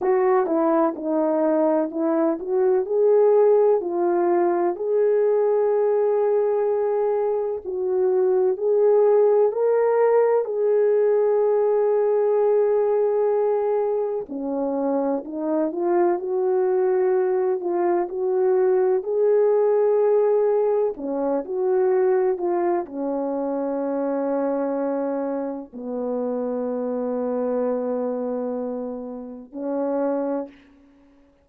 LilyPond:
\new Staff \with { instrumentName = "horn" } { \time 4/4 \tempo 4 = 63 fis'8 e'8 dis'4 e'8 fis'8 gis'4 | f'4 gis'2. | fis'4 gis'4 ais'4 gis'4~ | gis'2. cis'4 |
dis'8 f'8 fis'4. f'8 fis'4 | gis'2 cis'8 fis'4 f'8 | cis'2. b4~ | b2. cis'4 | }